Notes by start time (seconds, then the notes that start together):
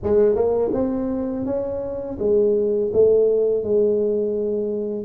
0.03 G#3
0.35 A#3
0.73 C4
1.45 C#4
2.19 G#3
2.93 A3
3.63 G#3